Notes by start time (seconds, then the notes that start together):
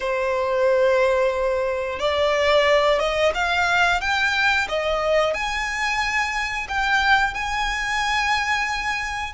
0.00 C5
1.99 D5
2.99 D#5
3.34 F5
4.00 G5
4.68 D#5
5.33 G#5
6.68 G5
7.33 G#5